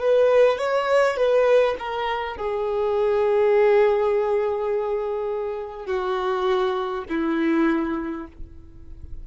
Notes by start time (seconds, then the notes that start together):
0.00 B4
0.59 C#5
1.17 B4
1.80 A#4
2.37 G#4
5.87 F#4
7.10 E4